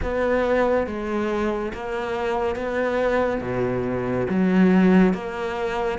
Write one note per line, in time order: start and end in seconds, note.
0.02 0.86 B3
0.86 1.72 G#3
1.73 2.55 A#3
2.55 3.41 B3
3.41 4.27 B2
4.29 5.14 F#3
5.14 5.98 A#3